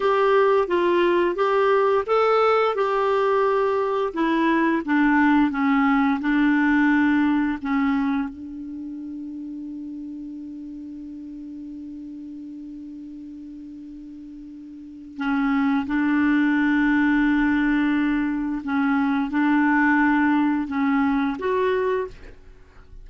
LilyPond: \new Staff \with { instrumentName = "clarinet" } { \time 4/4 \tempo 4 = 87 g'4 f'4 g'4 a'4 | g'2 e'4 d'4 | cis'4 d'2 cis'4 | d'1~ |
d'1~ | d'2 cis'4 d'4~ | d'2. cis'4 | d'2 cis'4 fis'4 | }